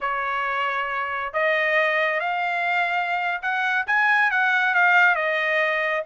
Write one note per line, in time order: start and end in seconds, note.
0.00 1.33 C#5
1.33 2.20 D#5
2.20 3.41 F5
3.42 3.86 F#5
3.86 4.30 G#5
4.30 4.74 F#5
4.74 5.15 F5
5.15 6.03 D#5